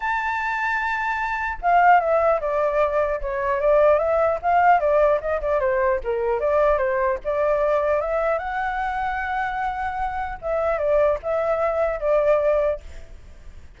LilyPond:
\new Staff \with { instrumentName = "flute" } { \time 4/4 \tempo 4 = 150 a''1 | f''4 e''4 d''2 | cis''4 d''4 e''4 f''4 | d''4 dis''8 d''8 c''4 ais'4 |
d''4 c''4 d''2 | e''4 fis''2.~ | fis''2 e''4 d''4 | e''2 d''2 | }